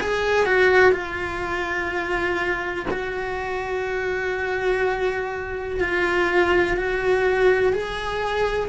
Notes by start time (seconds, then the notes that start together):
0.00 G#4
0.45 F#4
0.92 F4
2.90 F#4
5.80 F4
6.77 F#4
7.72 G#4